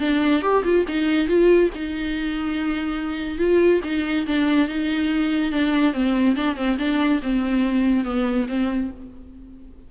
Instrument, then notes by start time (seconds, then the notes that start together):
viola
0.00 D4
0.42 G4
0.64 F4
0.88 D#4
1.28 F4
1.75 D#4
3.38 F4
3.84 D#4
4.27 D4
4.68 D#4
5.52 D4
5.93 C4
6.36 D4
6.56 C4
6.79 D4
7.23 C4
8.05 B3
8.49 C4